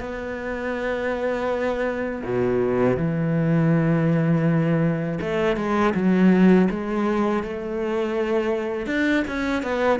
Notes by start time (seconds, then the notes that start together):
0.00 B3
2.25 B2
2.97 E3
5.21 A3
5.57 G#3
5.94 F#3
6.71 G#3
7.43 A3
8.87 D4
9.28 C#4
9.63 B3